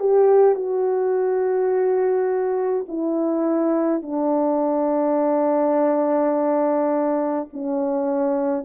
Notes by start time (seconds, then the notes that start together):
0.00 G4
0.55 F#4
2.88 E4
4.02 D4
7.53 C#4